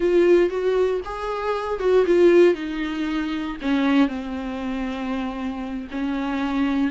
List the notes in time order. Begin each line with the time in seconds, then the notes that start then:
0.00 F4
0.49 F#4
1.05 G#4
1.79 F#4
2.05 F4
2.54 D#4
3.61 C#4
4.08 C4
5.91 C#4